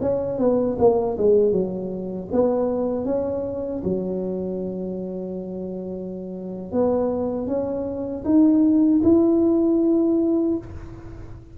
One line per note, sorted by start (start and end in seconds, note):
0.00 0.38 C#4
0.38 0.77 B3
0.79 1.17 A#3
1.18 1.52 G#3
1.52 2.29 F#3
2.32 3.05 B3
3.05 3.82 C#4
3.84 6.72 F#3
6.72 7.47 B3
7.47 8.24 C#4
8.24 9.01 D#4
9.03 10.57 E4